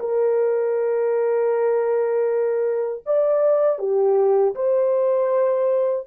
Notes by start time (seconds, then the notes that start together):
0.00 A#4
3.06 D5
3.79 G4
4.56 C5